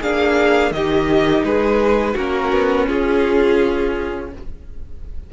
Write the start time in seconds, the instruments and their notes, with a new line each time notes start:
0.00 cello A#3, viola D4, violin G#4 F5
0.71 cello D#3, viola D#4, violin G4 D#5
1.44 cello G#3, violin G#4 B4
2.14 cello A#3, viola C#4, violin F#4 A#4
2.52 cello B3
2.87 cello C#4, violin F4 G#4